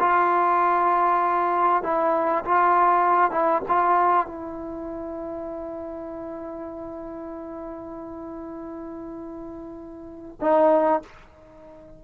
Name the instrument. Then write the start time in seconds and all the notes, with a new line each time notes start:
trombone
0.00 F4
1.83 E4
2.45 F4
3.31 E4
3.68 F4
4.27 E4
10.41 D#4